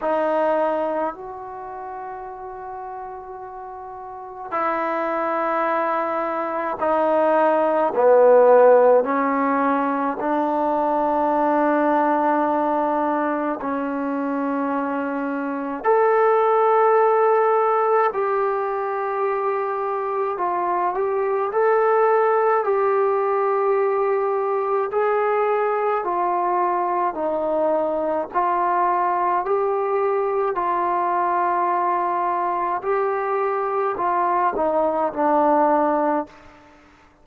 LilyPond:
\new Staff \with { instrumentName = "trombone" } { \time 4/4 \tempo 4 = 53 dis'4 fis'2. | e'2 dis'4 b4 | cis'4 d'2. | cis'2 a'2 |
g'2 f'8 g'8 a'4 | g'2 gis'4 f'4 | dis'4 f'4 g'4 f'4~ | f'4 g'4 f'8 dis'8 d'4 | }